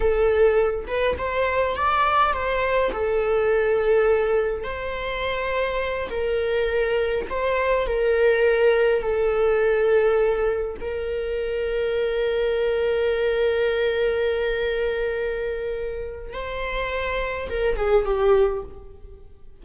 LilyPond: \new Staff \with { instrumentName = "viola" } { \time 4/4 \tempo 4 = 103 a'4. b'8 c''4 d''4 | c''4 a'2. | c''2~ c''8 ais'4.~ | ais'8 c''4 ais'2 a'8~ |
a'2~ a'8 ais'4.~ | ais'1~ | ais'1 | c''2 ais'8 gis'8 g'4 | }